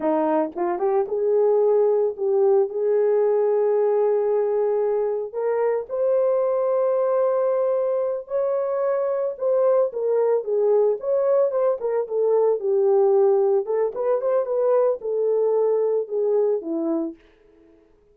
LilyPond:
\new Staff \with { instrumentName = "horn" } { \time 4/4 \tempo 4 = 112 dis'4 f'8 g'8 gis'2 | g'4 gis'2.~ | gis'2 ais'4 c''4~ | c''2.~ c''8 cis''8~ |
cis''4. c''4 ais'4 gis'8~ | gis'8 cis''4 c''8 ais'8 a'4 g'8~ | g'4. a'8 b'8 c''8 b'4 | a'2 gis'4 e'4 | }